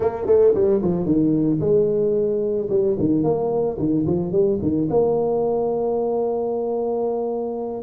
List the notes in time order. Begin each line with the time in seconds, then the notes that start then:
0.00 A#3
0.26 A3
0.54 G3
0.82 F3
1.05 D#3
1.60 G#3
2.69 G3
2.99 D#3
3.23 A#3
3.78 D#3
4.06 F3
4.31 G3
4.61 D#3
4.90 A#3